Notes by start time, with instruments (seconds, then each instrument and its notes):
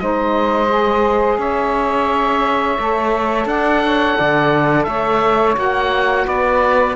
0.00 cello G#3, saxophone D#4 C5, oboe D#5
0.68 saxophone G#4
1.38 cello C#4, saxophone C#5, oboe E5
2.78 cello A3, saxophone A4
3.46 cello D4, saxophone D5, oboe F#5
3.84 saxophone C#5
4.17 cello D3, saxophone D5
4.84 cello A3, saxophone C#5, oboe E5
5.55 cello A#3, saxophone F#4, oboe F#5
6.26 cello B3, saxophone B4, oboe D5